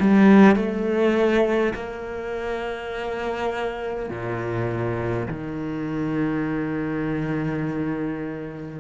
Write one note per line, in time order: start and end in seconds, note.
0.00 0.56 G3
0.56 1.74 A3
1.74 4.10 A#3
4.10 5.27 A#2
5.28 8.80 D#3